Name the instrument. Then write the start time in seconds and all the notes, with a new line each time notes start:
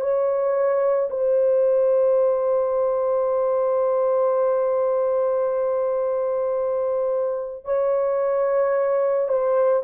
horn
0.00 C#5
1.10 C5
7.64 C#5
9.28 C5